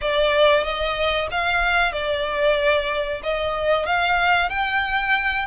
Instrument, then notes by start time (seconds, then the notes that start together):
violin
0.01 D5
0.63 D#5
1.31 F5
1.92 D5
3.23 D#5
3.86 F5
4.49 G5